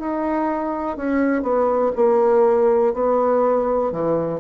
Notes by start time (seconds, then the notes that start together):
0.00 D#4
0.97 C#4
1.43 B3
1.96 A#3
2.94 B3
3.93 E3